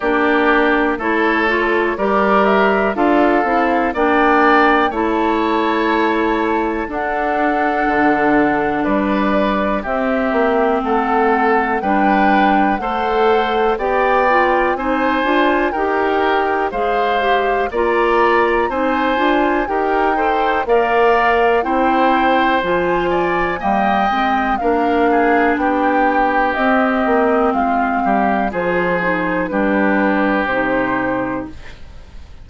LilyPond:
<<
  \new Staff \with { instrumentName = "flute" } { \time 4/4 \tempo 4 = 61 d''4 cis''4 d''8 e''8 f''4 | g''4 a''2 fis''4~ | fis''4 d''4 e''4 fis''4 | g''4 fis''4 g''4 gis''4 |
g''4 f''4 ais''4 gis''4 | g''4 f''4 g''4 gis''4 | g''4 f''4 g''4 dis''4 | f''4 c''4 b'4 c''4 | }
  \new Staff \with { instrumentName = "oboe" } { \time 4/4 g'4 a'4 ais'4 a'4 | d''4 cis''2 a'4~ | a'4 b'4 g'4 a'4 | b'4 c''4 d''4 c''4 |
ais'4 c''4 d''4 c''4 | ais'8 c''8 d''4 c''4. d''8 | dis''4 ais'8 gis'8 g'2 | f'8 g'8 gis'4 g'2 | }
  \new Staff \with { instrumentName = "clarinet" } { \time 4/4 d'4 e'8 f'8 g'4 f'8 e'8 | d'4 e'2 d'4~ | d'2 c'2 | d'4 a'4 g'8 f'8 dis'8 f'8 |
g'4 gis'8 g'8 f'4 dis'8 f'8 | g'8 a'8 ais'4 e'4 f'4 | ais8 c'8 d'2 c'4~ | c'4 f'8 dis'8 d'4 dis'4 | }
  \new Staff \with { instrumentName = "bassoon" } { \time 4/4 ais4 a4 g4 d'8 c'8 | ais4 a2 d'4 | d4 g4 c'8 ais8 a4 | g4 a4 b4 c'8 d'8 |
dis'4 gis4 ais4 c'8 d'8 | dis'4 ais4 c'4 f4 | g8 gis8 ais4 b4 c'8 ais8 | gis8 g8 f4 g4 c4 | }
>>